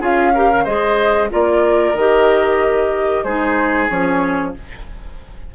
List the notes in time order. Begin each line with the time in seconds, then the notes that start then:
0.00 C#4 F4 G#4 F5
0.34 G4 A#4
0.53 D#3
0.64 G#3 G#4 C5 D#5
1.30 A#3 F4 A#4 D5
1.94 D#3 G4 D#5
3.24 G#3 D#4 G#4 C5
3.89 F3 C#4 C#5